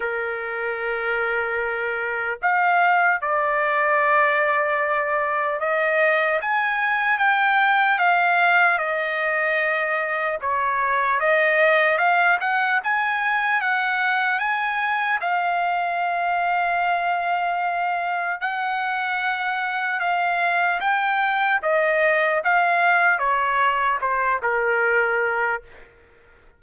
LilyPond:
\new Staff \with { instrumentName = "trumpet" } { \time 4/4 \tempo 4 = 75 ais'2. f''4 | d''2. dis''4 | gis''4 g''4 f''4 dis''4~ | dis''4 cis''4 dis''4 f''8 fis''8 |
gis''4 fis''4 gis''4 f''4~ | f''2. fis''4~ | fis''4 f''4 g''4 dis''4 | f''4 cis''4 c''8 ais'4. | }